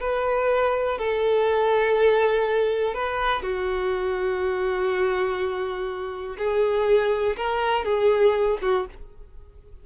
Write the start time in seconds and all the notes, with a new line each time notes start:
0.00 B4
0.98 A4
2.94 B4
3.42 F#4
6.38 G#4
7.36 A#4
7.84 G#4
8.62 F#4